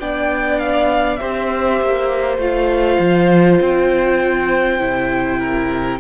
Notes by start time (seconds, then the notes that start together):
0.00 B3 D4 D5 G5
0.59 F5
1.17 C4 G4 C5 E5
1.81 A#3
2.38 A3 F4 F5
2.99 F3
3.60 C4 G5
4.79 C3 E4
5.39 A#4